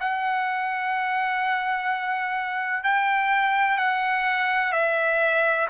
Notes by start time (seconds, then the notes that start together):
0.00 F#5
2.84 G5
3.78 F#5
4.72 E5